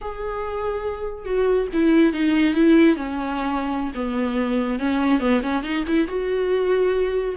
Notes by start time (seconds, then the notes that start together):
0.01 G#4
1.25 F#4
1.73 E4
2.13 D#4
2.54 E4
2.96 C#4
3.95 B3
4.79 C#4
5.19 B3
5.42 C#4
5.63 D#4
5.87 E4
6.07 F#4